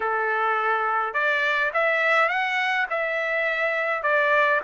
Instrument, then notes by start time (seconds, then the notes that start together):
trumpet
0.00 A4
1.13 D5
1.73 E5
2.28 F#5
2.90 E5
4.02 D5